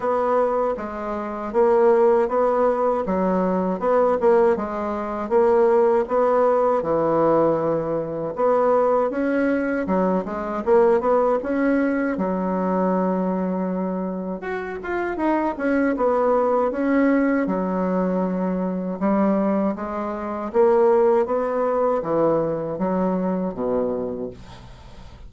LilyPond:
\new Staff \with { instrumentName = "bassoon" } { \time 4/4 \tempo 4 = 79 b4 gis4 ais4 b4 | fis4 b8 ais8 gis4 ais4 | b4 e2 b4 | cis'4 fis8 gis8 ais8 b8 cis'4 |
fis2. fis'8 f'8 | dis'8 cis'8 b4 cis'4 fis4~ | fis4 g4 gis4 ais4 | b4 e4 fis4 b,4 | }